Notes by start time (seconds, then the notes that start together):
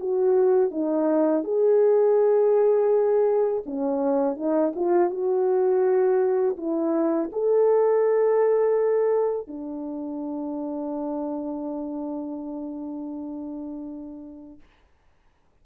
0.00 F#4
0.71 D#4
1.44 G#4
3.66 C#4
4.37 D#4
4.76 F4
5.11 F#4
6.57 E4
7.32 A4
9.48 D4